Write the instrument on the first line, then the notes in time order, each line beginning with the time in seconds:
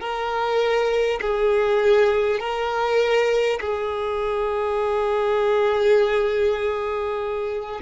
violin
0.00 A#4
1.21 G#4
2.39 A#4
3.60 G#4